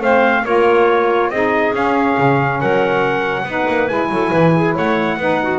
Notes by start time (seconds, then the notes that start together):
0.00 A3 C4 C5 F5
0.44 A#3 F4 A#4 C#5
1.29 C4 D#4 G#4 D#5
1.73 C#4 F5
2.18 C#3
2.59 F#3 A#4 F#5
3.42 B3 D#4 B4
3.68 A#3
3.87 G#3 E4 G#5
4.09 F#3 A4
4.31 E3 B4
4.55 G#4
4.74 A3 C#5 F#5
5.17 B3 D#4 B4
5.42 F#4